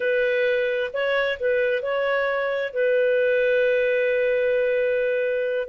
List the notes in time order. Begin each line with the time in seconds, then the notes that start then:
0.00 B4
0.93 C#5
1.39 B4
1.82 C#5
2.73 B4